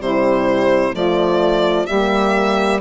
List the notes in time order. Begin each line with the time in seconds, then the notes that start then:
0.00 C3 G3 E4 C5
0.93 F3 A3 F4 D5
1.87 G3 A#3 G4 E5